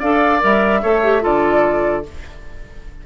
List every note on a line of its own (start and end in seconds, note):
0.00 0.43 D4
0.00 0.40 A4
0.00 0.82 D5
0.00 0.42 F5
0.40 0.84 G3
0.40 0.81 A#4
0.40 1.24 E5
0.82 1.24 A3
0.82 1.03 A4
0.82 1.23 C#5
1.03 1.21 G4
1.21 2.06 D3
1.21 2.03 F4
1.21 2.04 A4
1.21 2.06 D5